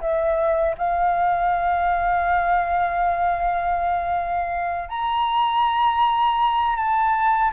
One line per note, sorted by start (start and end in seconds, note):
0.00 0.75 E5
0.77 4.89 F5
4.89 6.76 A#5
6.76 7.51 A5